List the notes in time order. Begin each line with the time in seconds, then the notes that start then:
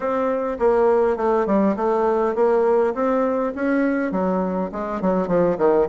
0.00 C4
0.59 A#3
1.17 A3
1.46 G3
1.76 A3
2.35 A#3
2.94 C4
3.55 C#4
4.11 F#3
4.72 G#3
5.01 F#3
5.27 F3
5.57 D#3